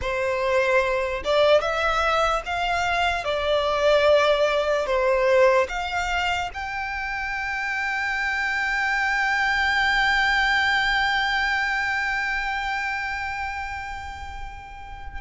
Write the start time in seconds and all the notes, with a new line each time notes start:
0.01 C5
1.24 D5
1.61 E5
2.45 F5
3.24 D5
4.86 C5
5.69 F5
6.53 G5